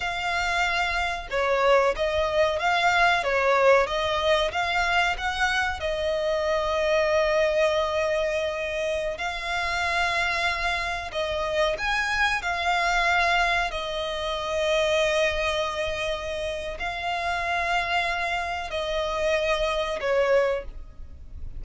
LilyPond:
\new Staff \with { instrumentName = "violin" } { \time 4/4 \tempo 4 = 93 f''2 cis''4 dis''4 | f''4 cis''4 dis''4 f''4 | fis''4 dis''2.~ | dis''2~ dis''16 f''4.~ f''16~ |
f''4~ f''16 dis''4 gis''4 f''8.~ | f''4~ f''16 dis''2~ dis''8.~ | dis''2 f''2~ | f''4 dis''2 cis''4 | }